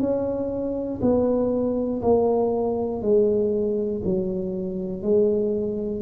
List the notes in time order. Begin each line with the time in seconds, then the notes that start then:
0.00 C#4
1.02 B3
2.02 A#3
3.02 G#3
4.05 F#3
5.03 G#3